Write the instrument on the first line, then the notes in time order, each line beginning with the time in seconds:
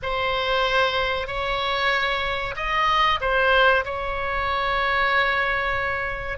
oboe
0.02 C5
1.27 C#5
2.55 D#5
3.20 C5
3.84 C#5